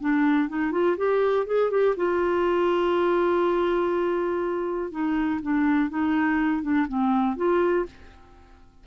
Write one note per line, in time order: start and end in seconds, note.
0.00 0.48 D4
0.48 0.71 D#4
0.71 0.96 F4
0.97 1.46 G4
1.46 1.70 G#4
1.70 1.95 G4
1.96 4.91 F4
4.91 5.40 D#4
5.41 5.89 D4
5.89 6.62 D#4
6.62 6.87 D4
6.87 7.36 C4
7.36 7.85 F4